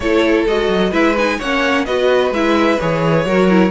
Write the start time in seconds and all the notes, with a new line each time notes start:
0.00 A3 E4 A4 C#5
0.46 G#3 F#4 D#5
0.68 F#3
0.90 G#3 E4 B4 E5
1.17 D#4 G#5
1.38 A#3 C#4 C#5 F#5
1.85 B3 F#4 B4 D#5
2.30 G#3 E4 E5
2.80 E3 G#4 C#5
3.25 F#3 F#4 A#4
3.49 E4